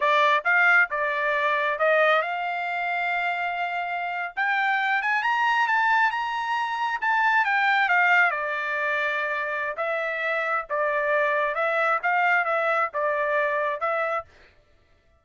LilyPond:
\new Staff \with { instrumentName = "trumpet" } { \time 4/4 \tempo 4 = 135 d''4 f''4 d''2 | dis''4 f''2.~ | f''4.~ f''16 g''4. gis''8 ais''16~ | ais''8. a''4 ais''2 a''16~ |
a''8. g''4 f''4 d''4~ d''16~ | d''2 e''2 | d''2 e''4 f''4 | e''4 d''2 e''4 | }